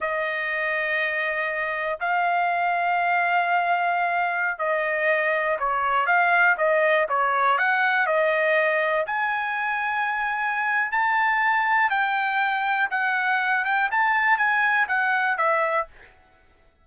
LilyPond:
\new Staff \with { instrumentName = "trumpet" } { \time 4/4 \tempo 4 = 121 dis''1 | f''1~ | f''4~ f''16 dis''2 cis''8.~ | cis''16 f''4 dis''4 cis''4 fis''8.~ |
fis''16 dis''2 gis''4.~ gis''16~ | gis''2 a''2 | g''2 fis''4. g''8 | a''4 gis''4 fis''4 e''4 | }